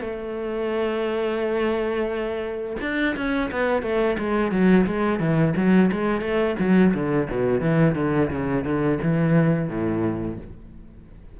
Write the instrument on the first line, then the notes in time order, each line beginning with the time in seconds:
cello
0.00 A3
2.81 D4
3.16 C#4
3.51 B3
3.82 A3
4.18 G#3
4.51 F#3
4.86 G#3
5.19 E3
5.56 F#3
5.92 G#3
6.21 A3
6.59 F#3
6.94 D3
7.30 B2
7.61 E3
7.95 D3
8.30 C#3
8.64 D3
9.02 E3
9.68 A2